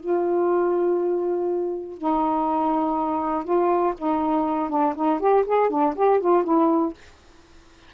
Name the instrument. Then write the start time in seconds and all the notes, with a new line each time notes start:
saxophone
0.00 F4
1.98 D#4
3.44 F4
3.98 D#4
4.69 D4
4.95 D#4
5.20 G4
5.46 G#4
5.70 D4
5.95 G4
6.20 F4
6.44 E4